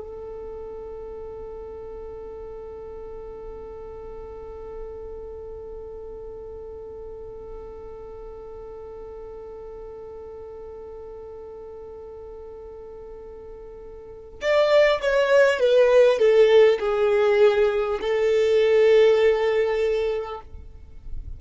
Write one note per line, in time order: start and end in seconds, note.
0.00 14.40 A4
14.42 15.02 D5
15.02 15.59 C#5
15.59 16.19 B4
16.19 16.79 A4
16.80 18.00 G#4
18.01 20.41 A4